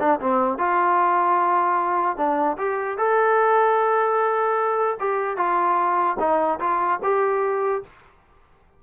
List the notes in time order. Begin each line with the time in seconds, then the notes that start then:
0.00 D4
0.21 C4
0.59 F4
2.18 D4
2.58 G4
2.98 A4
5.00 G4
5.37 F4
6.20 D#4
6.60 F4
7.03 G4